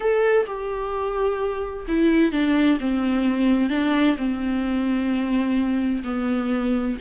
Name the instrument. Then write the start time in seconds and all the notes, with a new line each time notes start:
viola
0.00 A4
0.46 G4
1.88 E4
2.32 D4
2.79 C4
3.69 D4
4.17 C4
6.04 B3